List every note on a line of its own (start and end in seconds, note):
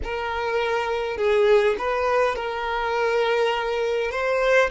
0.03 1.17 A#4
1.17 1.75 G#4
1.78 2.35 B4
2.35 4.11 A#4
4.11 4.70 C5